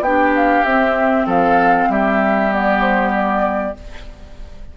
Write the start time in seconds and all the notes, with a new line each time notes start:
0.00 B3 D4 G4 G5
0.36 F5
0.65 C4 E5
1.26 F3 A4 F5
1.89 G3 G4 E5
2.51 B3 D5
2.81 C5
3.15 D5